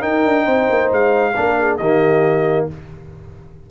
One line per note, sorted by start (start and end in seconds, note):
0.00 1.33 D#4
0.00 0.24 D#4
0.00 0.43 A#4
0.00 0.90 G5
0.24 0.46 D4
0.43 0.68 C4
0.43 1.32 C5
0.70 0.91 A#3
0.91 1.36 G#3
0.91 1.77 F5
1.35 1.79 A#3
1.35 1.80 D4
1.35 1.58 A#4
1.59 1.79 G#4
1.77 2.68 D#3
1.77 2.70 A#3
1.77 2.67 G4
1.77 2.66 D#5